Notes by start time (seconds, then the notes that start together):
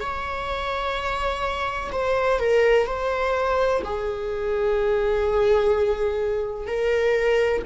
0.00 C#5
1.91 C5
2.39 A#4
2.87 C5
3.84 G#4
6.67 A#4